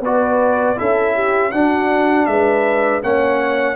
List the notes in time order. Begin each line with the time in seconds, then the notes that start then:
0.00 B3 F#4 B4 D5
0.76 C#4 E4 A4 E5
1.14 G4
1.51 D4 F#4 F#5
2.26 G#3 B4 E5
3.02 A#3 C#4 C#5 F#5